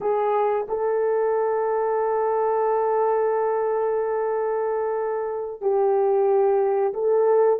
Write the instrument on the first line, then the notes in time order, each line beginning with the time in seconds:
horn
0.00 G#4
0.68 A4
5.61 G4
6.93 A4